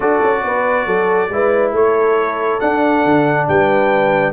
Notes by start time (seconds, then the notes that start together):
0.00 D4 F#4 A4 D5
0.22 C#4
0.44 B3 B4
0.86 F#3 A4
1.29 G#3 E4 B4
1.72 A3 A4 C#5
2.60 D4 F#5
3.04 D3
3.48 G3 B4 G5